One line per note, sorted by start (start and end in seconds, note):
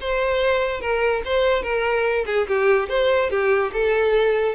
0.00 0.80 C5
0.80 1.22 A#4
1.25 1.62 C5
1.62 2.25 A#4
2.26 2.47 G#4
2.47 2.89 G4
2.89 3.30 C5
3.30 3.72 G4
3.73 4.55 A4